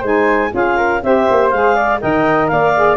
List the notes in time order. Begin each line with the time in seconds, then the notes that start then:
0.00 G#3 D#4 C5 G#5
0.50 C#4 F4 G#4 F5
0.77 A#4
1.03 C4 G4 C5 E5
1.31 A#3
1.50 G#3 G#4 F5
1.75 D5
2.00 D#3 A#4 D#5 G5
2.48 A#3 D5 F5
2.76 G#4